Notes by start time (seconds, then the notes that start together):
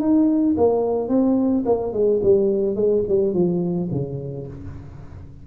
0.00 D#4
0.58 A#3
1.09 C4
1.66 A#3
1.93 G#3
2.23 G3
2.76 G#3
3.09 G3
3.34 F3
3.92 C#3